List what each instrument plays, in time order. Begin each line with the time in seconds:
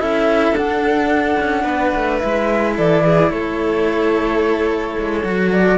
0.00 cello C#4 E4, violin A4, flute E5
0.52 cello D4, flute F#5
1.40 cello C#4
1.64 cello B3, violin B4
1.96 cello A3
2.19 cello G#3 E4, flute E5
2.77 cello E3, violin A4, flute D5
3.05 violin G#4
3.30 cello A3, violin A4, flute C#5
4.99 cello G#3
5.25 cello F#3 F#4
5.52 flute D5